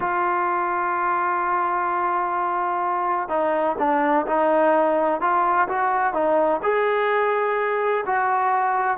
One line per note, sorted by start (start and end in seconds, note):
0.00 3.28 F4
3.28 3.76 D#4
3.78 4.26 D4
4.26 5.20 D#4
5.20 5.68 F4
5.68 6.13 F#4
6.13 6.61 D#4
6.62 8.04 G#4
8.06 8.97 F#4